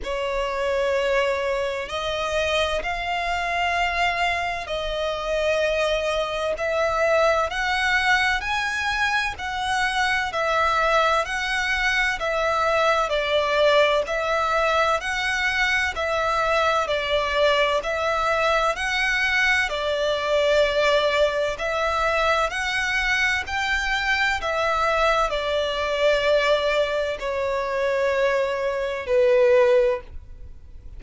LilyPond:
\new Staff \with { instrumentName = "violin" } { \time 4/4 \tempo 4 = 64 cis''2 dis''4 f''4~ | f''4 dis''2 e''4 | fis''4 gis''4 fis''4 e''4 | fis''4 e''4 d''4 e''4 |
fis''4 e''4 d''4 e''4 | fis''4 d''2 e''4 | fis''4 g''4 e''4 d''4~ | d''4 cis''2 b'4 | }